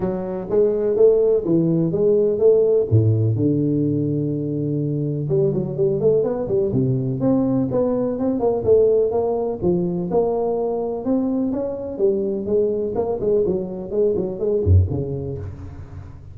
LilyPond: \new Staff \with { instrumentName = "tuba" } { \time 4/4 \tempo 4 = 125 fis4 gis4 a4 e4 | gis4 a4 a,4 d4~ | d2. g8 fis8 | g8 a8 b8 g8 c4 c'4 |
b4 c'8 ais8 a4 ais4 | f4 ais2 c'4 | cis'4 g4 gis4 ais8 gis8 | fis4 gis8 fis8 gis8 fis,8 cis4 | }